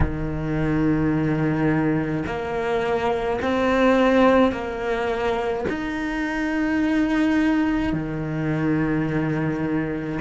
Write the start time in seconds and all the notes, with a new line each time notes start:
0.00 D#3
2.26 A#3
3.41 C4
4.52 A#3
5.69 D#4
7.92 D#3